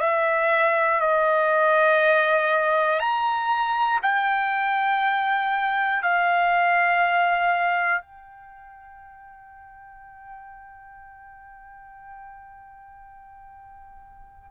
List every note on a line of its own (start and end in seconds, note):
0.00 1.00 E5
1.00 3.00 D#5
3.00 4.00 A#5
4.02 6.02 G5
6.02 8.01 F5
8.01 14.50 G5